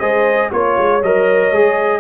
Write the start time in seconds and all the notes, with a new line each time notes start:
0.00 G#3 G#4 C5 D#5
0.51 A#3 F4 C#5
0.78 G#3
1.03 F#3 A#4 D#5
1.52 G#3 G#4